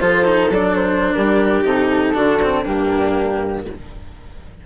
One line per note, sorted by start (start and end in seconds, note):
0.00 0.50 F3
0.00 0.25 F4
0.00 1.14 A4
0.00 0.51 C5
0.25 0.50 D#4
0.50 1.13 F#3
0.50 1.64 D4
0.50 0.75 D5
0.75 1.13 C5
1.13 1.63 G3
1.13 2.14 G4
1.13 1.63 A#4
1.63 2.14 C3
1.63 2.14 D#4
1.63 2.65 A4
2.14 2.65 D3
2.14 2.39 D4
2.14 2.62 F#4
2.42 2.65 C4
2.62 3.66 G2
2.62 3.66 A#3
2.62 3.62 D4
2.62 3.66 G4